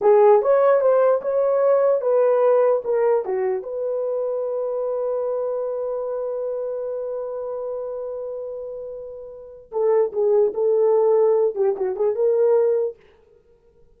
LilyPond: \new Staff \with { instrumentName = "horn" } { \time 4/4 \tempo 4 = 148 gis'4 cis''4 c''4 cis''4~ | cis''4 b'2 ais'4 | fis'4 b'2.~ | b'1~ |
b'1~ | b'1 | a'4 gis'4 a'2~ | a'8 g'8 fis'8 gis'8 ais'2 | }